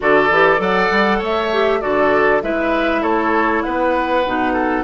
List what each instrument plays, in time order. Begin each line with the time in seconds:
0.00 bassoon D3, clarinet F#4, oboe A4, flute D5
0.30 bassoon E3, clarinet G4
0.57 bassoon F#3, clarinet A4, oboe D5, flute F#5
0.90 bassoon G3
1.18 bassoon A3, oboe C#5, flute E5
1.52 clarinet G4
1.80 bassoon D3, clarinet F#4, oboe A4, flute D5
2.42 bassoon G#3, clarinet E4, oboe B4, flute E5
3.01 bassoon A3, oboe A4, flute C#5
3.62 bassoon B3, oboe B4, flute F#5
4.26 bassoon B2, clarinet D#4
4.53 oboe A4